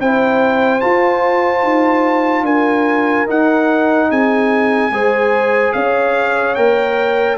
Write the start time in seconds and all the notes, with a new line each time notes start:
0.00 C4 E4 C5 G5
0.81 F4 A5
1.63 D#4
2.42 D4 A#4 G#5
3.27 D#4 F#5
4.10 C4 G#4 G#5
4.91 G#3 G#4 C5
5.73 C#4 C#5 F5
6.55 A#3 A#4 G5